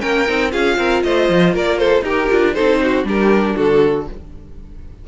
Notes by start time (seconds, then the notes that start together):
0.00 A#3 C#4 A#4 G5
0.27 C4 D#4
0.50 C#4 F4 G#4 F5
0.78 C4 A#4
1.03 A3 C5 D#5
1.29 F3
1.54 A#3 A#4 D5
1.78 A4 C5
2.02 D#4 G4 A#4
2.30 D4 F4
2.54 C4 D#4 A4 C5
2.82 F#4
3.04 G3 D4 G4 A#4
3.56 D3 F#4 A4